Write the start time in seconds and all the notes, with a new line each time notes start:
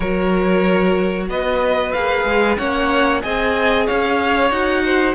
0.00 F#3 F#4 A#4 C#5
1.28 B3 B4 D#5
1.92 A#3 G#4 F5
2.24 G#3
2.57 A#3 C#4 C#5 F#5
3.21 C4 G#4 D#5 G#5
3.86 C#4 C#5 F5
4.50 D#4 F#4 F#5
4.84 C5